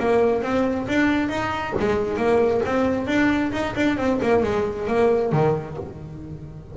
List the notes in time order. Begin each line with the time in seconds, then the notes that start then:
0.00 A#3
0.43 C4
0.88 D4
1.30 D#4
1.80 G#3
2.18 A#3
2.66 C4
3.08 D4
3.53 D#4
3.76 D4
3.98 C4
4.23 A#3
4.43 G#3
4.88 A#3
5.33 D#3